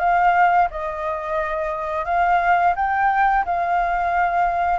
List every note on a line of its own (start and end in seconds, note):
0.00 0.69 F5
0.71 2.06 D#5
2.06 2.75 F5
2.76 3.45 G5
3.46 4.80 F5